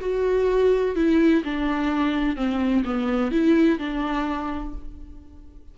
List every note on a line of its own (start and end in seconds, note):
0.00 0.95 F#4
0.95 1.43 E4
1.44 2.36 D4
2.36 2.84 C4
2.84 3.31 B3
3.31 3.79 E4
3.79 4.74 D4